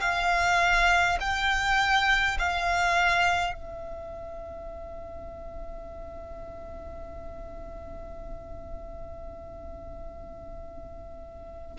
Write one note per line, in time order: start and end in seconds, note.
0.00 1.18 F5
1.20 2.37 G5
2.39 3.53 F5
3.53 11.77 E5